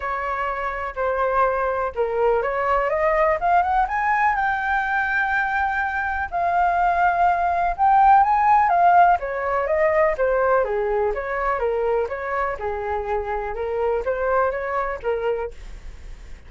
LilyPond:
\new Staff \with { instrumentName = "flute" } { \time 4/4 \tempo 4 = 124 cis''2 c''2 | ais'4 cis''4 dis''4 f''8 fis''8 | gis''4 g''2.~ | g''4 f''2. |
g''4 gis''4 f''4 cis''4 | dis''4 c''4 gis'4 cis''4 | ais'4 cis''4 gis'2 | ais'4 c''4 cis''4 ais'4 | }